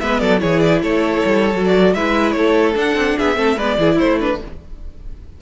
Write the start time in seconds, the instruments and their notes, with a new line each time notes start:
0.00 cello G#3, viola B3, violin B4 E5
0.20 cello F#3, violin A4 D5
0.39 cello E3, viola E4, violin G#4 C#5
0.60 violin D5
0.82 cello A3, violin A4 C#5
1.25 cello G3
1.54 cello F#3, viola F#4
1.65 violin D5
1.94 cello G#3, viola E4, violin B4 E5
2.32 cello A3, violin A4 C#5
2.75 viola D4, cello D4, violin F#5
2.95 cello C4
3.18 cello B3, violin G#4 E5
3.35 cello A3, viola C4, violin A4
3.57 cello G#3, viola B3, violin B4 D5
3.78 cello E3, viola E4, violin G#4
3.95 cello A3, violin E4 C5
4.20 viola D4, violin B4